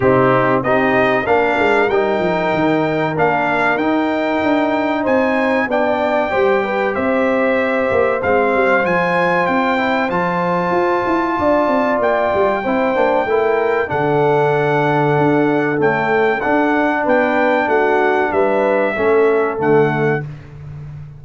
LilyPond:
<<
  \new Staff \with { instrumentName = "trumpet" } { \time 4/4 \tempo 4 = 95 g'4 dis''4 f''4 g''4~ | g''4 f''4 g''2 | gis''4 g''2 e''4~ | e''4 f''4 gis''4 g''4 |
a''2. g''4~ | g''2 fis''2~ | fis''4 g''4 fis''4 g''4 | fis''4 e''2 fis''4 | }
  \new Staff \with { instrumentName = "horn" } { \time 4/4 dis'4 g'4 ais'2~ | ais'1 | c''4 d''4 c''8 b'8 c''4~ | c''1~ |
c''2 d''2 | c''4 ais'4 a'2~ | a'2. b'4 | fis'4 b'4 a'2 | }
  \new Staff \with { instrumentName = "trombone" } { \time 4/4 c'4 dis'4 d'4 dis'4~ | dis'4 d'4 dis'2~ | dis'4 d'4 g'2~ | g'4 c'4 f'4. e'8 |
f'1 | e'8 d'8 e'4 d'2~ | d'4 a4 d'2~ | d'2 cis'4 a4 | }
  \new Staff \with { instrumentName = "tuba" } { \time 4/4 c4 c'4 ais8 gis8 g8 f8 | dis4 ais4 dis'4 d'4 | c'4 b4 g4 c'4~ | c'8 ais8 gis8 g8 f4 c'4 |
f4 f'8 e'8 d'8 c'8 ais8 g8 | c'8 ais8 a4 d2 | d'4 cis'4 d'4 b4 | a4 g4 a4 d4 | }
>>